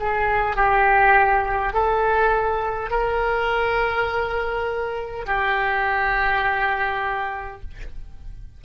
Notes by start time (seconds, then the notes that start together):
0.00 G#4
0.56 G4
1.73 A4
2.90 A#4
5.26 G4